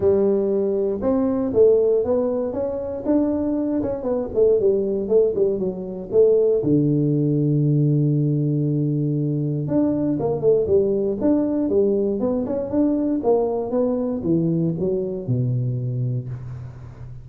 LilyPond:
\new Staff \with { instrumentName = "tuba" } { \time 4/4 \tempo 4 = 118 g2 c'4 a4 | b4 cis'4 d'4. cis'8 | b8 a8 g4 a8 g8 fis4 | a4 d2.~ |
d2. d'4 | ais8 a8 g4 d'4 g4 | b8 cis'8 d'4 ais4 b4 | e4 fis4 b,2 | }